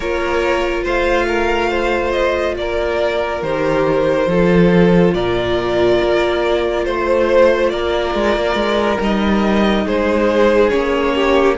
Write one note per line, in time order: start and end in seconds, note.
0.00 0.85 A#3
0.00 3.43 F4
0.00 0.83 A#4
0.00 0.85 C#5
0.83 2.57 A3
0.83 1.26 C5
0.83 2.12 F5
1.27 1.69 A#4
1.69 2.55 C5
2.12 2.55 D#5
2.57 3.42 A#3
2.57 4.28 A#4
2.57 3.42 D5
3.42 4.26 D#3
3.42 4.29 G4
3.42 5.14 C5
4.26 5.12 F3
4.26 8.99 F4
4.26 5.14 A4
5.14 6.00 A#2
5.14 6.86 A#4
5.14 6.84 D5
6.02 6.86 A#3
6.84 7.72 A3
6.84 7.69 C5
6.84 7.71 C5
7.69 8.14 A#3
7.69 9.85 A#4
7.69 8.98 D5
8.14 8.35 G#3
8.35 8.54 A#3
8.54 8.97 G#3
8.99 9.85 G3
8.99 10.70 D#4
8.99 9.87 D#5
9.85 10.72 G#3
9.85 11.14 G#4
9.85 10.69 C5
10.69 11.57 A#3
10.69 11.56 C#4
10.69 11.55 C#5
11.14 11.57 G4